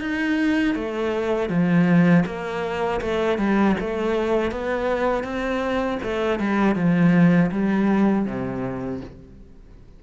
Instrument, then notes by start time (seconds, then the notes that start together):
cello
0.00 D#4
0.74 A3
1.49 F3
2.25 A#3
3.01 A3
3.38 G3
3.80 A3
4.51 B3
5.23 C4
6.02 A3
6.39 G3
6.75 F3
7.51 G3
8.25 C3